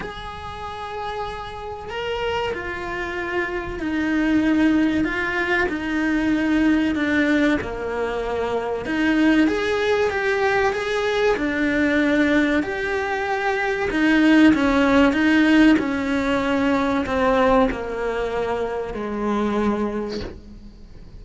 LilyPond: \new Staff \with { instrumentName = "cello" } { \time 4/4 \tempo 4 = 95 gis'2. ais'4 | f'2 dis'2 | f'4 dis'2 d'4 | ais2 dis'4 gis'4 |
g'4 gis'4 d'2 | g'2 dis'4 cis'4 | dis'4 cis'2 c'4 | ais2 gis2 | }